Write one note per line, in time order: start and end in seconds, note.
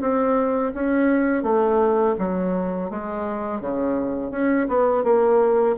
0.00 0.72 C4
0.74 1.43 C#4
1.43 2.15 A3
2.18 2.90 F#3
2.90 3.60 G#3
3.60 4.31 C#3
4.31 4.67 C#4
4.68 5.03 B3
5.03 5.76 A#3